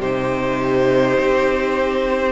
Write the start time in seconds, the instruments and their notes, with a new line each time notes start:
0.00 cello C3, viola D#4, violin G4 C5
1.20 cello C4